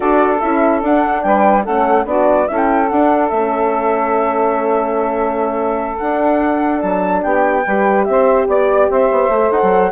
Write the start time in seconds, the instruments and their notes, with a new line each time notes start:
0.00 bassoon D4, horn F#4, saxophone A4, flute D5
0.39 bassoon C#4, horn E4, flute E5
0.81 horn D4, bassoon D4, flute F#5
1.22 bassoon G3, saxophone B4, flute G5
1.63 bassoon A3, horn C#4, saxophone A4, flute F#5
2.05 bassoon B3, horn D4, saxophone F#4, flute D5
2.47 bassoon C#4, horn E4, saxophone A4, flute E5
2.57 flute G5
2.88 bassoon D4, horn D4, flute F#5
3.28 bassoon A3, horn C#4, flute E5
5.97 horn D4, bassoon D4, flute F#5
6.81 bassoon F#3, flute A5
7.22 bassoon B3, saxophone G4, flute G5
7.65 bassoon G3, horn G4, saxophone B4
8.04 bassoon C4, saxophone C5, flute E5
8.47 bassoon B3, saxophone D5, flute D5
8.90 bassoon C4, saxophone C5, flute E5
9.11 bassoon B3
9.28 bassoon A3, horn A4
9.51 bassoon D#4, flute F#5
9.62 bassoon F#3